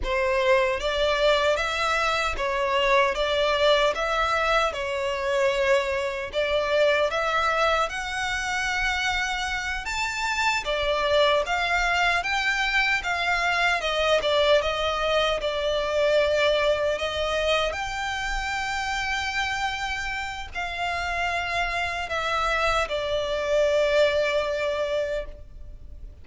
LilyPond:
\new Staff \with { instrumentName = "violin" } { \time 4/4 \tempo 4 = 76 c''4 d''4 e''4 cis''4 | d''4 e''4 cis''2 | d''4 e''4 fis''2~ | fis''8 a''4 d''4 f''4 g''8~ |
g''8 f''4 dis''8 d''8 dis''4 d''8~ | d''4. dis''4 g''4.~ | g''2 f''2 | e''4 d''2. | }